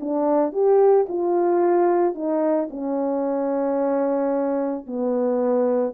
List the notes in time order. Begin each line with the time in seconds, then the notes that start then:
0.00 D4
0.52 G4
1.08 F4
2.14 D#4
2.70 C#4
4.86 B3